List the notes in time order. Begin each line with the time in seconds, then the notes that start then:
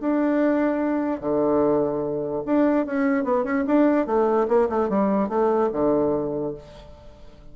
0.00 D4
1.20 D3
2.45 D4
2.86 C#4
3.24 B3
3.43 C#4
3.66 D4
4.06 A3
4.48 A#3
4.69 A3
4.89 G3
5.28 A3
5.72 D3